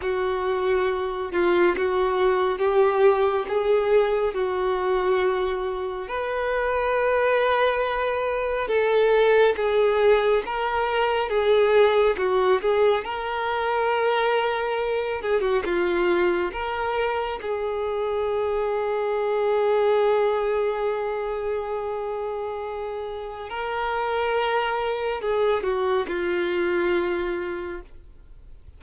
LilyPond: \new Staff \with { instrumentName = "violin" } { \time 4/4 \tempo 4 = 69 fis'4. f'8 fis'4 g'4 | gis'4 fis'2 b'4~ | b'2 a'4 gis'4 | ais'4 gis'4 fis'8 gis'8 ais'4~ |
ais'4. gis'16 fis'16 f'4 ais'4 | gis'1~ | gis'2. ais'4~ | ais'4 gis'8 fis'8 f'2 | }